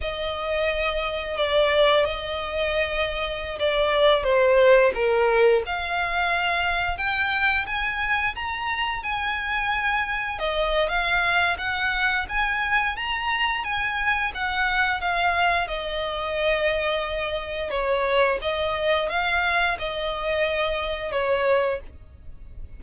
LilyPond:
\new Staff \with { instrumentName = "violin" } { \time 4/4 \tempo 4 = 88 dis''2 d''4 dis''4~ | dis''4~ dis''16 d''4 c''4 ais'8.~ | ais'16 f''2 g''4 gis''8.~ | gis''16 ais''4 gis''2 dis''8. |
f''4 fis''4 gis''4 ais''4 | gis''4 fis''4 f''4 dis''4~ | dis''2 cis''4 dis''4 | f''4 dis''2 cis''4 | }